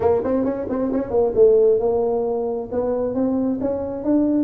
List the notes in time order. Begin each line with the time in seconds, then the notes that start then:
0.00 A#3
0.23 C4
0.44 C#4
0.69 C4
0.92 C#4
1.10 A#3
1.35 A3
1.79 A#3
2.71 B3
3.14 C4
3.60 C#4
4.04 D4